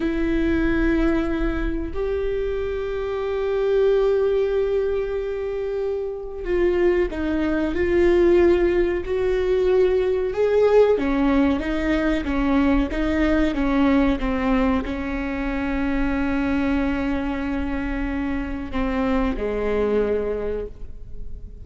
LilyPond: \new Staff \with { instrumentName = "viola" } { \time 4/4 \tempo 4 = 93 e'2. g'4~ | g'1~ | g'2 f'4 dis'4 | f'2 fis'2 |
gis'4 cis'4 dis'4 cis'4 | dis'4 cis'4 c'4 cis'4~ | cis'1~ | cis'4 c'4 gis2 | }